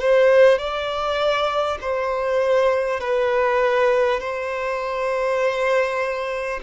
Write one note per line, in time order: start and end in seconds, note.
0.00 0.58 C5
0.58 1.78 D5
1.81 3.00 C5
3.00 4.20 B4
4.20 6.60 C5